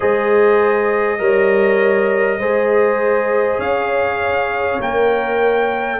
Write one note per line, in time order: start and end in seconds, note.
0.00 1.19 G#3
0.00 1.19 G#4
0.00 1.20 C5
0.00 3.60 D#5
1.19 2.38 G3
1.19 2.39 A#4
1.19 2.38 C#5
2.38 3.58 G#3
2.38 4.80 G#4
2.38 3.58 C5
3.58 4.78 C#4
3.58 5.98 C#5
3.58 4.80 F5
4.79 5.99 A#3
4.79 6.00 A#4
4.79 6.00 G5